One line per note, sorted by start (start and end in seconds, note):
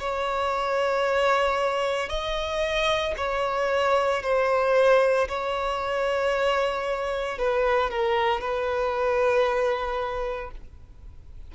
0.00 2.09 C#5
2.09 3.14 D#5
3.17 4.22 C#5
4.23 5.28 C5
5.29 7.38 C#5
7.38 7.90 B4
7.90 8.41 A#4
8.41 10.51 B4